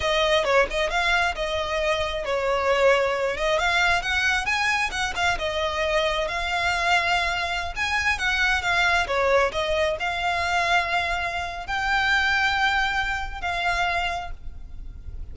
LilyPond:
\new Staff \with { instrumentName = "violin" } { \time 4/4 \tempo 4 = 134 dis''4 cis''8 dis''8 f''4 dis''4~ | dis''4 cis''2~ cis''8 dis''8 | f''4 fis''4 gis''4 fis''8 f''8 | dis''2 f''2~ |
f''4~ f''16 gis''4 fis''4 f''8.~ | f''16 cis''4 dis''4 f''4.~ f''16~ | f''2 g''2~ | g''2 f''2 | }